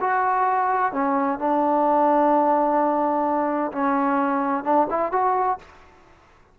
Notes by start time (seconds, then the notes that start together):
0.00 F#4
0.92 C#4
1.38 D4
3.71 C#4
4.64 D4
4.90 E4
5.11 F#4